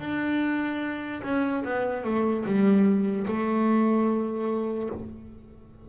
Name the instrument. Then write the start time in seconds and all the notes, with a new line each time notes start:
double bass
0.00 D4
1.23 C#4
1.64 B3
2.04 A3
2.45 G3
3.27 A3